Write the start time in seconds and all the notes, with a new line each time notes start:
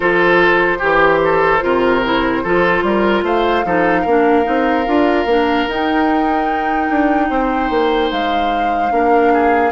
0.00 F3 F4 A4 C5
0.78 E3 G4
1.24 A4
1.60 C3 F4 A#4
2.04 E4
2.43 F3 F4 A4
2.82 G3 A#4
3.22 A3 C5 F5
3.64 F3 D#4 A4
4.01 A#3 A#4
4.07 D4
4.43 C4 D#4
4.86 D4 F4
5.25 A#3 D4
5.67 D#4 G5
6.89 D4
7.29 C4 C5
7.70 A#3
8.11 G#3 F5
8.90 A#3 D4 A#4
9.33 G#4